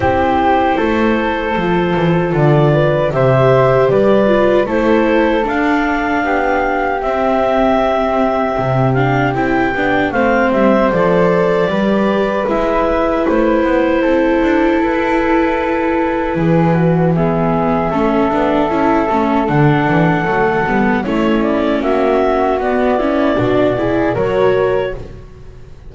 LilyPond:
<<
  \new Staff \with { instrumentName = "clarinet" } { \time 4/4 \tempo 4 = 77 c''2. d''4 | e''4 d''4 c''4 f''4~ | f''4 e''2~ e''8 f''8 | g''4 f''8 e''8 d''2 |
e''4 c''2 b'4~ | b'2 e''2~ | e''4 fis''2 cis''8 d''8 | e''4 d''2 cis''4 | }
  \new Staff \with { instrumentName = "flute" } { \time 4/4 g'4 a'2~ a'8 b'8 | c''4 b'4 a'2 | g'1~ | g'4 c''2 b'4~ |
b'2 a'2~ | a'4 gis'8 fis'8 gis'4 a'4~ | a'2. e'4 | fis'4. e'8 fis'8 gis'8 ais'4 | }
  \new Staff \with { instrumentName = "viola" } { \time 4/4 e'2 f'2 | g'4. f'8 e'4 d'4~ | d'4 c'2~ c'8 d'8 | e'8 d'8 c'4 a'4 g'4 |
e'1~ | e'2 b4 cis'8 d'8 | e'8 cis'8 d'4 a8 b8 cis'4~ | cis'4 b8 cis'8 d'8 e'8 fis'4 | }
  \new Staff \with { instrumentName = "double bass" } { \time 4/4 c'4 a4 f8 e8 d4 | c4 g4 a4 d'4 | b4 c'2 c4 | c'8 b8 a8 g8 f4 g4 |
gis4 a8 b8 c'8 d'8 e'4~ | e'4 e2 a8 b8 | cis'8 a8 d8 e8 fis8 g8 a4 | ais4 b4 b,4 fis4 | }
>>